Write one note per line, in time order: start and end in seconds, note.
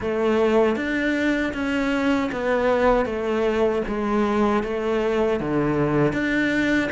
0.00 0.76 A3
0.76 1.52 D4
1.53 2.30 C#4
2.32 3.05 B3
3.05 3.82 A3
3.87 4.63 G#3
4.63 5.40 A3
5.40 6.12 D3
6.12 6.89 D4